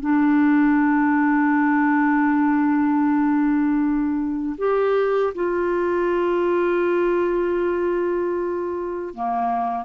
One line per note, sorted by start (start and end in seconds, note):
0.00 4.56 D4
4.57 5.33 G4
5.34 9.14 F4
9.14 9.85 A#3